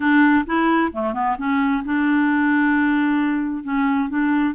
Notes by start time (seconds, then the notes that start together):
0.00 D4
0.46 E4
0.92 A3
1.13 B3
1.38 C#4
1.85 D4
3.63 C#4
4.09 D4